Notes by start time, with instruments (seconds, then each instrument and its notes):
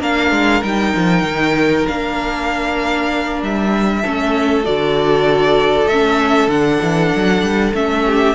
0.00 cello A#3, viola D4, violin A#4 F5
0.31 cello G#3
0.63 cello G3, viola D#4, violin G5
0.96 cello F3
1.23 cello D#3
1.87 cello A#3, viola D4, violin F5
3.42 cello G3, violin E5
4.01 cello A3, viola C#4, violin A4
4.63 cello D3, viola F#4, violin D5
5.86 cello A3, viola C#4, violin E5
6.47 cello D3, viola D4, violin F#5
6.82 cello E3
7.15 cello F#3
7.42 cello G3
7.74 cello A3, viola C#4, violin E5
8.06 violin G4